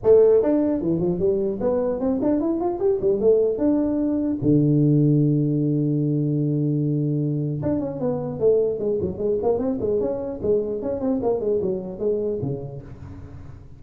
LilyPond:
\new Staff \with { instrumentName = "tuba" } { \time 4/4 \tempo 4 = 150 a4 d'4 e8 f8 g4 | b4 c'8 d'8 e'8 f'8 g'8 g8 | a4 d'2 d4~ | d1~ |
d2. d'8 cis'8 | b4 a4 gis8 fis8 gis8 ais8 | c'8 gis8 cis'4 gis4 cis'8 c'8 | ais8 gis8 fis4 gis4 cis4 | }